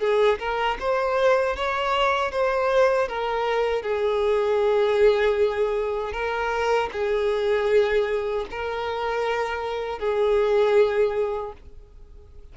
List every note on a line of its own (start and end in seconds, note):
0.00 0.38 G#4
0.39 0.77 A#4
0.80 1.56 C5
1.56 2.31 C#5
2.31 3.08 C5
3.08 3.82 A#4
3.82 6.13 G#4
6.13 6.90 A#4
6.92 8.46 G#4
8.50 9.99 A#4
9.99 11.53 G#4